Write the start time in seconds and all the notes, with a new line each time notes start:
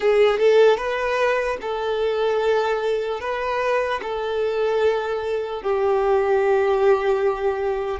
0.00 G#4
0.39 A4
0.77 B4
1.61 A4
3.20 B4
4.02 A4
5.62 G4